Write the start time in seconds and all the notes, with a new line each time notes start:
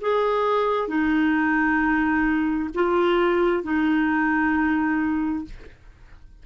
0.00 G#4
0.88 D#4
2.74 F4
3.63 D#4